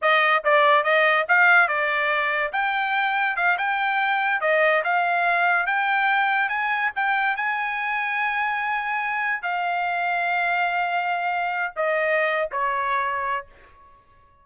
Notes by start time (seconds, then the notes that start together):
0.01 D#5
0.44 D5
0.83 D#5
1.28 F5
1.68 D5
2.52 G5
3.36 F5
3.58 G5
4.40 D#5
4.84 F5
5.66 G5
6.48 G#5
6.95 G5
7.36 G#5
9.42 F5
11.76 D#5
12.51 C#5